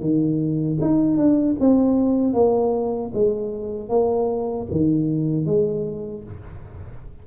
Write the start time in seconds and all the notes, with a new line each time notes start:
0.00 D#3
0.81 D#4
1.17 D4
1.59 C4
2.33 A#3
3.13 G#3
3.89 A#3
4.71 D#3
5.45 G#3